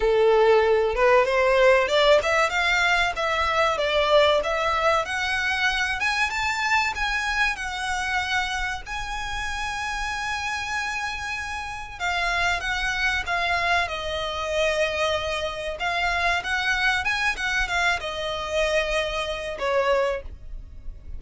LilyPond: \new Staff \with { instrumentName = "violin" } { \time 4/4 \tempo 4 = 95 a'4. b'8 c''4 d''8 e''8 | f''4 e''4 d''4 e''4 | fis''4. gis''8 a''4 gis''4 | fis''2 gis''2~ |
gis''2. f''4 | fis''4 f''4 dis''2~ | dis''4 f''4 fis''4 gis''8 fis''8 | f''8 dis''2~ dis''8 cis''4 | }